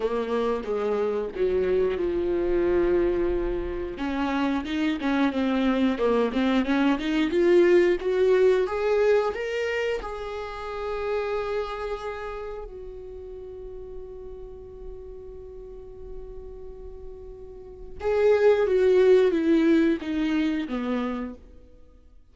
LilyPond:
\new Staff \with { instrumentName = "viola" } { \time 4/4 \tempo 4 = 90 ais4 gis4 fis4 f4~ | f2 cis'4 dis'8 cis'8 | c'4 ais8 c'8 cis'8 dis'8 f'4 | fis'4 gis'4 ais'4 gis'4~ |
gis'2. fis'4~ | fis'1~ | fis'2. gis'4 | fis'4 e'4 dis'4 b4 | }